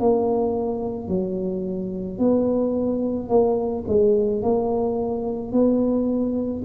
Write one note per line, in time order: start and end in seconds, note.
0.00 1.08 A#3
1.08 2.19 F#3
2.19 3.29 B3
3.29 3.84 A#3
3.88 4.42 G#3
4.42 5.52 A#3
5.52 6.63 B3